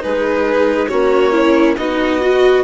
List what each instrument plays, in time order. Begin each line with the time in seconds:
0.00 bassoon G#3, cello D#4, viola G#4, violin B4
0.88 bassoon A#3, cello C#4, viola F#4, violin C#5
1.32 viola E4
1.77 bassoon B3, viola D#4, cello F#4, violin D#5
2.21 viola F#4